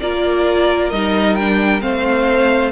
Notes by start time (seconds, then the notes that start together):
0.00 A#3 F4 A#4 D5
0.90 G3 D#4 D#5
1.35 D4 G5
1.80 A3 C4 C5 F5